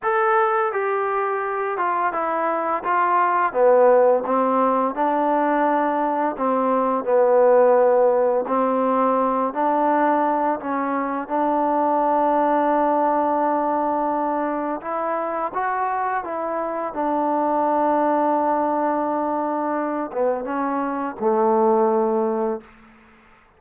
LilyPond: \new Staff \with { instrumentName = "trombone" } { \time 4/4 \tempo 4 = 85 a'4 g'4. f'8 e'4 | f'4 b4 c'4 d'4~ | d'4 c'4 b2 | c'4. d'4. cis'4 |
d'1~ | d'4 e'4 fis'4 e'4 | d'1~ | d'8 b8 cis'4 a2 | }